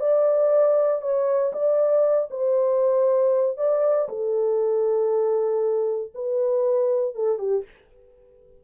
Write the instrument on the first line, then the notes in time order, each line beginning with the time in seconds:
horn
0.00 D5
1.01 C#5
1.53 D5
2.30 C5
3.58 D5
4.09 A4
6.15 B4
7.15 A4
7.38 G4